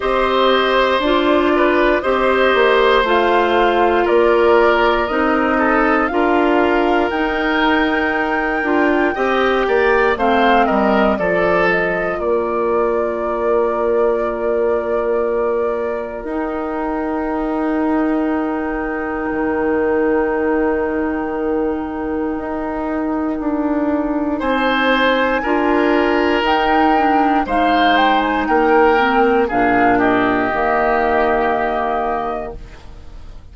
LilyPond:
<<
  \new Staff \with { instrumentName = "flute" } { \time 4/4 \tempo 4 = 59 dis''4 d''4 dis''4 f''4 | d''4 dis''4 f''4 g''4~ | g''2 f''8 dis''8 d''8 dis''8 | d''1 |
g''1~ | g''1 | gis''2 g''4 f''8 g''16 gis''16 | g''4 f''8 dis''2~ dis''8 | }
  \new Staff \with { instrumentName = "oboe" } { \time 4/4 c''4. b'8 c''2 | ais'4. a'8 ais'2~ | ais'4 dis''8 d''8 c''8 ais'8 a'4 | ais'1~ |
ais'1~ | ais'1 | c''4 ais'2 c''4 | ais'4 gis'8 g'2~ g'8 | }
  \new Staff \with { instrumentName = "clarinet" } { \time 4/4 g'4 f'4 g'4 f'4~ | f'4 dis'4 f'4 dis'4~ | dis'8 f'8 g'4 c'4 f'4~ | f'1 |
dis'1~ | dis'1~ | dis'4 f'4 dis'8 d'8 dis'4~ | dis'8 c'8 d'4 ais2 | }
  \new Staff \with { instrumentName = "bassoon" } { \time 4/4 c'4 d'4 c'8 ais8 a4 | ais4 c'4 d'4 dis'4~ | dis'8 d'8 c'8 ais8 a8 g8 f4 | ais1 |
dis'2. dis4~ | dis2 dis'4 d'4 | c'4 d'4 dis'4 gis4 | ais4 ais,4 dis2 | }
>>